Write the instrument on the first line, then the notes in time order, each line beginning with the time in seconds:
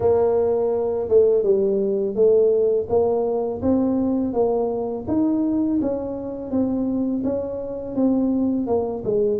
tuba
0.00 A#3
1.08 A3
1.43 G3
2.15 A3
2.89 A#3
3.62 C4
4.33 A#3
5.07 D#4
5.81 C#4
6.50 C4
7.24 C#4
7.95 C4
8.66 A#3
9.04 G#3